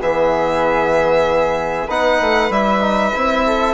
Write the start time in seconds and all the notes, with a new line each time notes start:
0.00 E3 B3 G#4 E5
1.87 B3 D#4 B4 F#5
2.21 A3
2.50 G3 E4 E5
2.81 D#4
3.14 C4 E4
3.46 A4